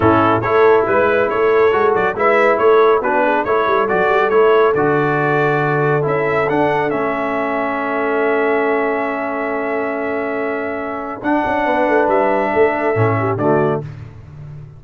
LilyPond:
<<
  \new Staff \with { instrumentName = "trumpet" } { \time 4/4 \tempo 4 = 139 a'4 cis''4 b'4 cis''4~ | cis''8 d''8 e''4 cis''4 b'4 | cis''4 d''4 cis''4 d''4~ | d''2 e''4 fis''4 |
e''1~ | e''1~ | e''2 fis''2 | e''2. d''4 | }
  \new Staff \with { instrumentName = "horn" } { \time 4/4 e'4 a'4 b'4 a'4~ | a'4 b'4 a'4 fis'8 gis'8 | a'1~ | a'1~ |
a'1~ | a'1~ | a'2. b'4~ | b'4 a'4. g'8 fis'4 | }
  \new Staff \with { instrumentName = "trombone" } { \time 4/4 cis'4 e'2. | fis'4 e'2 d'4 | e'4 fis'4 e'4 fis'4~ | fis'2 e'4 d'4 |
cis'1~ | cis'1~ | cis'2 d'2~ | d'2 cis'4 a4 | }
  \new Staff \with { instrumentName = "tuba" } { \time 4/4 a,4 a4 gis4 a4 | gis8 fis8 gis4 a4 b4 | a8 g8 fis8 g8 a4 d4~ | d2 cis'4 d'4 |
a1~ | a1~ | a2 d'8 cis'8 b8 a8 | g4 a4 a,4 d4 | }
>>